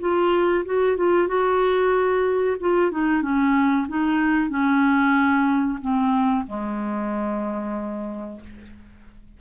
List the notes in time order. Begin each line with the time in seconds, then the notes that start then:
0.00 F4
0.65 F#4
0.97 F4
1.28 F#4
2.60 F4
2.91 D#4
3.22 C#4
3.89 D#4
4.50 C#4
5.82 C4
6.47 G#3